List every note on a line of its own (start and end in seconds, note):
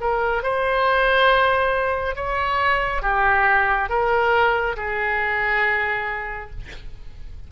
0.00 0.42 A#4
0.42 2.15 C5
2.15 3.02 C#5
3.02 3.89 G4
3.89 4.75 A#4
4.76 6.50 G#4